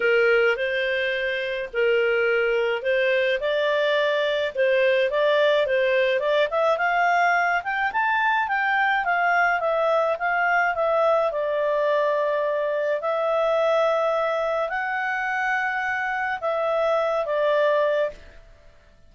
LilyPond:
\new Staff \with { instrumentName = "clarinet" } { \time 4/4 \tempo 4 = 106 ais'4 c''2 ais'4~ | ais'4 c''4 d''2 | c''4 d''4 c''4 d''8 e''8 | f''4. g''8 a''4 g''4 |
f''4 e''4 f''4 e''4 | d''2. e''4~ | e''2 fis''2~ | fis''4 e''4. d''4. | }